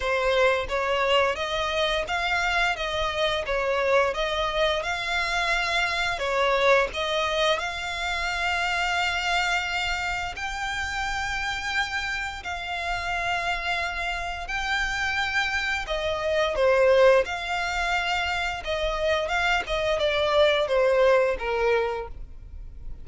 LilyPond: \new Staff \with { instrumentName = "violin" } { \time 4/4 \tempo 4 = 87 c''4 cis''4 dis''4 f''4 | dis''4 cis''4 dis''4 f''4~ | f''4 cis''4 dis''4 f''4~ | f''2. g''4~ |
g''2 f''2~ | f''4 g''2 dis''4 | c''4 f''2 dis''4 | f''8 dis''8 d''4 c''4 ais'4 | }